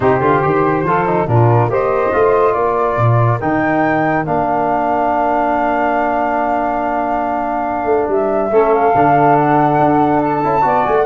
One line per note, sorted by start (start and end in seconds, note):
0.00 0.20 C3
0.00 0.20 D#4
0.00 0.85 G4
0.00 1.26 C5
0.20 0.42 D3
0.20 0.42 F4
0.42 0.84 D#3
0.42 0.84 G4
0.84 1.26 F3
0.84 1.06 F4
0.84 1.28 A4
1.06 1.28 D#4
1.27 1.67 A#2
1.27 1.70 D4
1.27 1.71 F4
1.27 1.70 A#4
1.67 2.10 A#3
1.67 2.12 G4
1.67 2.54 C5
1.67 2.53 D#5
2.12 2.54 A3
2.12 3.40 F4
2.53 2.96 A#3
2.53 8.50 A#4
2.53 3.38 D5
2.96 3.39 A#2
3.40 4.26 D#3
3.40 4.25 D#4
3.40 4.25 G5
4.25 7.85 A#3
4.25 8.51 D4
4.25 8.08 F5
7.85 8.06 A3
8.08 8.50 G3
8.08 8.73 E5
8.50 8.92 A3
8.50 8.94 C#4
8.50 10.63 A4
8.73 9.35 F5
8.94 9.78 D3
8.94 10.43 D4
9.35 10.20 F#5
9.78 10.42 D4
10.22 10.85 A5
10.43 10.64 C#4
10.43 10.61 E4
10.61 10.85 B3
10.61 11.04 F#4
10.61 11.05 D5
10.85 11.05 A3
10.85 10.95 G#5
10.96 11.05 F#5